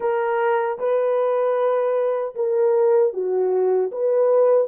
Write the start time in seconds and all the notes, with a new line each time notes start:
0.00 A#4
0.78 B4
2.35 A#4
3.13 F#4
3.91 B4